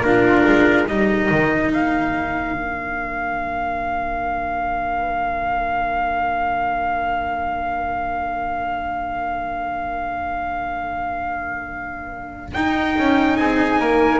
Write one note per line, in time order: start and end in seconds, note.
0.00 0.42 A#3
0.00 0.87 D4
0.00 0.87 F4
0.00 0.86 A#4
0.47 0.88 G#3
0.87 1.30 G3
0.87 2.53 D#4
0.87 13.36 A#4
0.87 1.71 D#5
1.30 1.70 D#3
1.70 12.53 A#3
1.70 12.53 F5
2.53 12.53 D4
12.53 12.97 D#4
12.53 14.20 D#4
12.53 13.36 G5
12.98 13.39 C#4
13.36 13.80 C4
13.36 13.78 G#4
13.36 14.20 G#5
13.80 14.20 A#3
13.80 14.20 A#4